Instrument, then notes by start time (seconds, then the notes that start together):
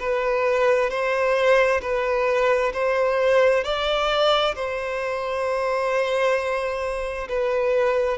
violin
0.00 B4
0.90 C5
1.82 B4
2.74 C5
3.64 D5
4.55 C5
7.29 B4